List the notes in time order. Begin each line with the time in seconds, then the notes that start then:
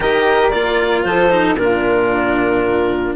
0.00 D#3 G4 A#4 D#5
0.49 A#3 F4 D5
1.03 F3 A4 C5
1.29 D#4
1.56 A#2 D4 F4 A#4